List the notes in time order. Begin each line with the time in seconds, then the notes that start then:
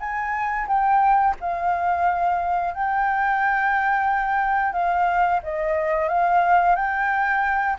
0.00 G#5
0.68 G5
1.41 F5
2.74 G5
4.73 F5
5.43 D#5
6.09 F5
6.76 G5